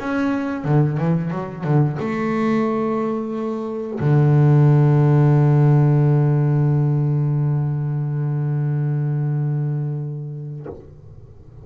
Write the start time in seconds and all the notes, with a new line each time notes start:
0.00 C#4
0.65 D3
0.98 E3
1.31 F#3
1.64 D3
2.00 A3
4.00 D3